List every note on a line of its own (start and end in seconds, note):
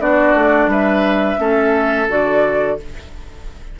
0.00 0.34 B3
0.00 1.38 D4
0.00 0.70 F#4
0.00 0.70 D5
0.34 0.67 A3
0.67 1.36 G3
0.67 1.40 B4
0.67 2.09 E5
1.38 2.08 A3
1.38 2.07 C#4
1.38 2.78 A4
2.09 2.78 D3
2.09 2.78 F#4
2.09 2.79 D5